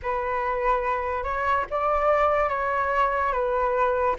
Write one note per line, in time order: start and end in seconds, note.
0.02 1.23 B4
1.23 1.65 C#5
1.70 2.48 D5
2.48 3.32 C#5
3.32 4.15 B4